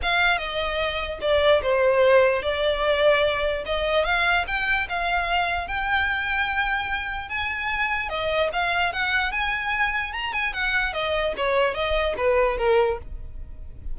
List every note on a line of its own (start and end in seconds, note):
0.02 0.38 F5
0.38 1.19 D#5
1.21 1.61 D5
1.62 2.42 C5
2.42 3.64 D5
3.65 4.04 D#5
4.04 4.45 F5
4.47 4.87 G5
4.89 5.67 F5
5.67 7.28 G5
7.28 8.09 G#5
8.09 8.49 D#5
8.52 8.92 F5
8.92 9.31 F#5
9.31 10.12 G#5
10.12 10.32 A#5
10.32 10.53 G#5
10.53 10.93 F#5
10.93 11.33 D#5
11.37 11.74 C#5
11.74 12.14 D#5
12.17 12.57 B4
12.57 12.98 A#4